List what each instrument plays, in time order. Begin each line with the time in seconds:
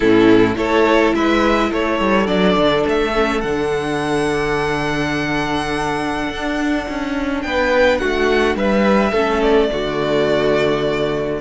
0.00 cello A2, viola C#4, violin E4 A4
0.55 cello A3, viola E4, violin A4 C#5
1.14 cello G#3, violin B4 E5
1.70 cello A3, violin A4 C#5
2.00 cello G3
2.26 cello F#3, viola D4, violin D5
2.56 cello D3
2.87 cello A3, violin E5
3.14 viola C#4
3.41 cello D3, viola D4, violin F#5
6.29 cello D4
6.88 cello C#4
7.42 cello B3, violin B4 G5
7.97 cello A3, violin F#4 F#5
8.55 cello G3, violin B4 E5
9.11 cello A3, viola C#4, violin A4
9.42 violin D5
9.70 cello D3, viola A3, violin F#4